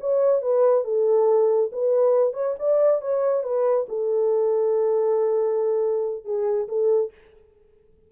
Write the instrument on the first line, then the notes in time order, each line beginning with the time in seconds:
horn
0.00 C#5
0.42 B4
0.84 A4
1.72 B4
2.33 C#5
2.59 D5
3.01 C#5
3.43 B4
3.88 A4
6.24 G#4
6.68 A4